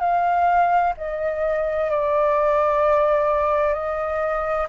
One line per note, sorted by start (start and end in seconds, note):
0.00 0.94 F5
0.98 1.91 D#5
1.91 3.74 D5
3.74 4.67 D#5